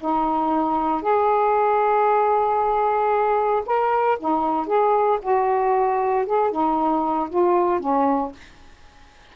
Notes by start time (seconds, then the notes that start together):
0.00 D#4
1.02 G#4
3.66 A#4
4.20 D#4
4.67 G#4
5.22 F#4
6.26 G#4
6.51 D#4
7.30 F4
7.80 C#4